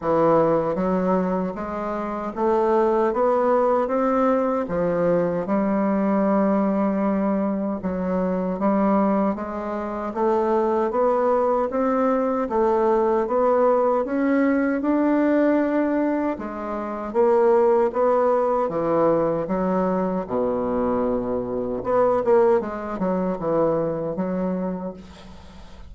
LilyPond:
\new Staff \with { instrumentName = "bassoon" } { \time 4/4 \tempo 4 = 77 e4 fis4 gis4 a4 | b4 c'4 f4 g4~ | g2 fis4 g4 | gis4 a4 b4 c'4 |
a4 b4 cis'4 d'4~ | d'4 gis4 ais4 b4 | e4 fis4 b,2 | b8 ais8 gis8 fis8 e4 fis4 | }